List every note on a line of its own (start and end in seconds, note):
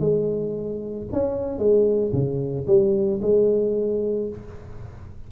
0.00 1.07 G#3
1.12 1.59 C#4
1.59 2.12 G#3
2.13 2.66 C#3
2.67 3.21 G3
3.22 4.29 G#3